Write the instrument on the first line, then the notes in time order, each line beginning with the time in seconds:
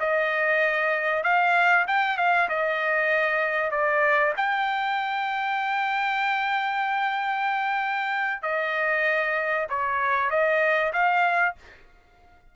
trumpet
0.00 D#5
1.24 F5
1.88 G5
2.18 F5
2.49 D#5
3.71 D5
4.37 G5
8.43 D#5
9.70 C#5
10.30 D#5
10.93 F5